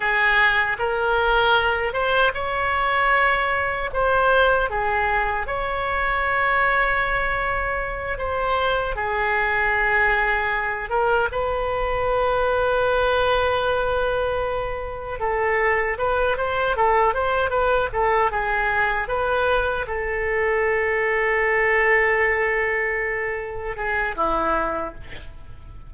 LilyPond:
\new Staff \with { instrumentName = "oboe" } { \time 4/4 \tempo 4 = 77 gis'4 ais'4. c''8 cis''4~ | cis''4 c''4 gis'4 cis''4~ | cis''2~ cis''8 c''4 gis'8~ | gis'2 ais'8 b'4.~ |
b'2.~ b'8 a'8~ | a'8 b'8 c''8 a'8 c''8 b'8 a'8 gis'8~ | gis'8 b'4 a'2~ a'8~ | a'2~ a'8 gis'8 e'4 | }